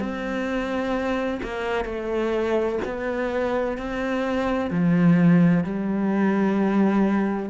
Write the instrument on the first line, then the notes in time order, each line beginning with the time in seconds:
cello
0.00 C4
1.43 A#3
1.85 A3
2.85 B3
3.78 C4
4.71 F3
5.65 G3